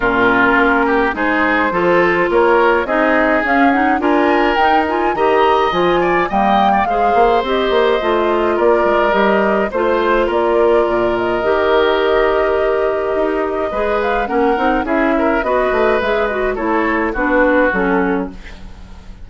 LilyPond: <<
  \new Staff \with { instrumentName = "flute" } { \time 4/4 \tempo 4 = 105 ais'2 c''2 | cis''4 dis''4 f''8 fis''8 gis''4 | g''8 gis''8 ais''4 gis''4 g''4 | f''4 dis''2 d''4 |
dis''4 c''4 d''4. dis''8~ | dis''1~ | dis''8 f''8 fis''4 e''4 dis''4 | e''8 dis''8 cis''4 b'4 a'4 | }
  \new Staff \with { instrumentName = "oboe" } { \time 4/4 f'4. g'8 gis'4 a'4 | ais'4 gis'2 ais'4~ | ais'4 dis''4. d''8 dis''8. d''16 | c''2. ais'4~ |
ais'4 c''4 ais'2~ | ais'1 | b'4 ais'4 gis'8 ais'8 b'4~ | b'4 a'4 fis'2 | }
  \new Staff \with { instrumentName = "clarinet" } { \time 4/4 cis'2 dis'4 f'4~ | f'4 dis'4 cis'8 dis'8 f'4 | dis'8 f'8 g'4 f'4 ais4 | gis'4 g'4 f'2 |
g'4 f'2. | g'1 | gis'4 cis'8 dis'8 e'4 fis'4 | gis'8 fis'8 e'4 d'4 cis'4 | }
  \new Staff \with { instrumentName = "bassoon" } { \time 4/4 ais,4 ais4 gis4 f4 | ais4 c'4 cis'4 d'4 | dis'4 dis4 f4 g4 | gis8 ais8 c'8 ais8 a4 ais8 gis8 |
g4 a4 ais4 ais,4 | dis2. dis'4 | gis4 ais8 c'8 cis'4 b8 a8 | gis4 a4 b4 fis4 | }
>>